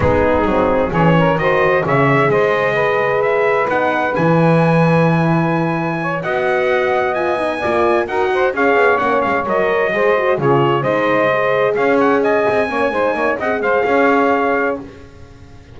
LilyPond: <<
  \new Staff \with { instrumentName = "trumpet" } { \time 4/4 \tempo 4 = 130 gis'2 cis''4 dis''4 | e''4 dis''2 e''4 | fis''4 gis''2.~ | gis''4. fis''2 gis''8~ |
gis''4. fis''4 f''4 fis''8 | f''8 dis''2 cis''4 dis''8~ | dis''4. f''8 fis''8 gis''4.~ | gis''4 fis''8 f''2~ f''8 | }
  \new Staff \with { instrumentName = "saxophone" } { \time 4/4 dis'2 gis'8 ais'8 c''4 | cis''4 c''4 b'2~ | b'1~ | b'4 cis''8 dis''2~ dis''8~ |
dis''8 d''4 ais'8 c''8 cis''4.~ | cis''4. c''4 gis'4 c''8~ | c''4. cis''4 dis''4 cis''8 | c''8 cis''8 dis''8 c''8 cis''2 | }
  \new Staff \with { instrumentName = "horn" } { \time 4/4 b4 c'4 cis'4 fis'4 | gis'1 | dis'4 e'2.~ | e'4. fis'2 f'8 |
dis'8 f'4 fis'4 gis'4 cis'8~ | cis'8 ais'4 gis'8 fis'8 f'4 dis'8~ | dis'8 gis'2. cis'8 | dis'4 gis'2. | }
  \new Staff \with { instrumentName = "double bass" } { \time 4/4 gis4 fis4 e4 dis4 | cis4 gis2. | b4 e2.~ | e4. b2~ b8~ |
b8 ais4 dis'4 cis'8 b8 ais8 | gis8 fis4 gis4 cis4 gis8~ | gis4. cis'4. c'8 ais8 | gis8 ais8 c'8 gis8 cis'2 | }
>>